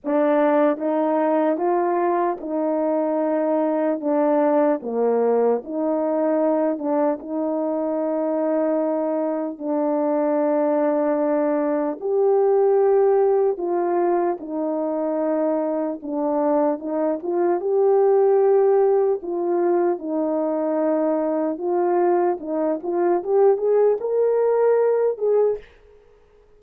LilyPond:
\new Staff \with { instrumentName = "horn" } { \time 4/4 \tempo 4 = 75 d'4 dis'4 f'4 dis'4~ | dis'4 d'4 ais4 dis'4~ | dis'8 d'8 dis'2. | d'2. g'4~ |
g'4 f'4 dis'2 | d'4 dis'8 f'8 g'2 | f'4 dis'2 f'4 | dis'8 f'8 g'8 gis'8 ais'4. gis'8 | }